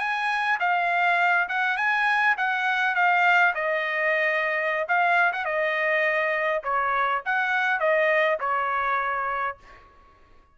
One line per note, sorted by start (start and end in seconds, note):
0.00 0.59 G#5
0.60 1.49 F5
1.49 1.78 F#5
1.78 2.36 G#5
2.38 2.96 F#5
2.96 3.55 F5
3.55 4.88 D#5
4.89 5.33 F5
5.33 5.45 F#5
5.45 6.63 D#5
6.64 7.23 C#5
7.26 7.80 F#5
7.80 8.39 D#5
8.40 9.58 C#5